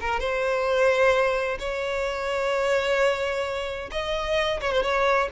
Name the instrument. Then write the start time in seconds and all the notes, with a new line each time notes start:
violin
0.00 A#4
0.20 C5
1.59 C#5
3.91 D#5
4.60 C#5
4.72 C5
4.82 C#5